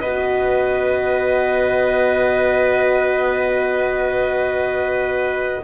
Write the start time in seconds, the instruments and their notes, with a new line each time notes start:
0.00 double bass B3, horn F#4, trumpet B4, violin D#5